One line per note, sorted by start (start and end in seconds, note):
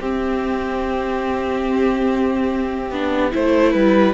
0.00 2.91 C4
0.00 2.92 C4
0.00 3.33 G4
0.00 4.14 E5
2.91 3.32 B3
2.91 3.31 D4
3.31 3.74 A3
3.31 4.14 E4
3.31 3.73 C5
3.73 4.14 G3
3.73 4.14 B4